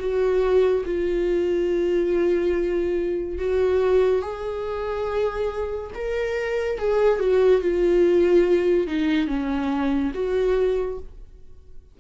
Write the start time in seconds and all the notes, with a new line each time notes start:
0.00 F#4
0.85 F4
3.39 F#4
4.22 G#4
5.95 A#4
6.79 G#4
7.20 F#4
7.62 F4
8.88 D#4
9.28 C#4
10.14 F#4